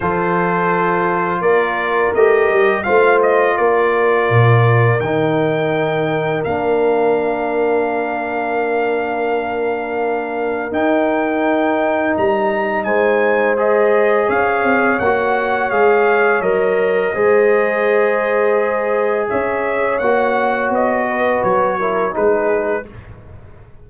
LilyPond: <<
  \new Staff \with { instrumentName = "trumpet" } { \time 4/4 \tempo 4 = 84 c''2 d''4 dis''4 | f''8 dis''8 d''2 g''4~ | g''4 f''2.~ | f''2. g''4~ |
g''4 ais''4 gis''4 dis''4 | f''4 fis''4 f''4 dis''4~ | dis''2. e''4 | fis''4 dis''4 cis''4 b'4 | }
  \new Staff \with { instrumentName = "horn" } { \time 4/4 a'2 ais'2 | c''4 ais'2.~ | ais'1~ | ais'1~ |
ais'2 c''2 | cis''1 | c''2. cis''4~ | cis''4. b'4 ais'8 gis'4 | }
  \new Staff \with { instrumentName = "trombone" } { \time 4/4 f'2. g'4 | f'2. dis'4~ | dis'4 d'2.~ | d'2. dis'4~ |
dis'2. gis'4~ | gis'4 fis'4 gis'4 ais'4 | gis'1 | fis'2~ fis'8 e'8 dis'4 | }
  \new Staff \with { instrumentName = "tuba" } { \time 4/4 f2 ais4 a8 g8 | a4 ais4 ais,4 dis4~ | dis4 ais2.~ | ais2. dis'4~ |
dis'4 g4 gis2 | cis'8 c'8 ais4 gis4 fis4 | gis2. cis'4 | ais4 b4 fis4 gis4 | }
>>